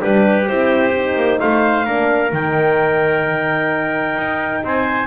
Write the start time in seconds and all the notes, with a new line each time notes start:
0.00 G3 D4 G4 B4
0.48 C4 E4 C5
0.96 D#4
1.16 A#3
1.39 A3 C5 F5
1.86 A#3 D4 A#4
2.30 D#3 D#4 G5
4.17 D#4
4.64 C4 C5 G#5